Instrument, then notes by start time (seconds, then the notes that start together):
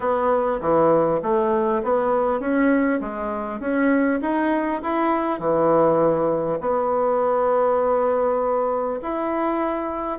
bassoon
0.00 B3
0.60 E3
1.22 A3
1.83 B3
2.40 C#4
3.00 G#3
3.60 C#4
4.21 D#4
4.82 E4
5.39 E3
6.60 B3
9.02 E4